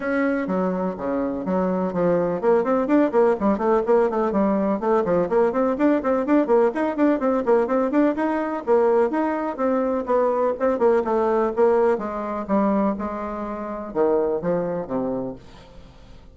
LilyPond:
\new Staff \with { instrumentName = "bassoon" } { \time 4/4 \tempo 4 = 125 cis'4 fis4 cis4 fis4 | f4 ais8 c'8 d'8 ais8 g8 a8 | ais8 a8 g4 a8 f8 ais8 c'8 | d'8 c'8 d'8 ais8 dis'8 d'8 c'8 ais8 |
c'8 d'8 dis'4 ais4 dis'4 | c'4 b4 c'8 ais8 a4 | ais4 gis4 g4 gis4~ | gis4 dis4 f4 c4 | }